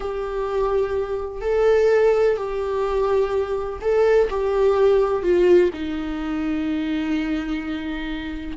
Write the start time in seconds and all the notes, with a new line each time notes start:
0.00 G4
1.41 A4
2.37 G4
3.81 A4
4.30 G4
5.23 F4
5.73 D#4